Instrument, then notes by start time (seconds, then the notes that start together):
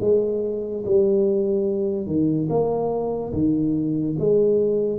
tuba
0.00 G#3
0.85 G3
2.06 D#3
2.49 A#3
3.33 D#3
4.19 G#3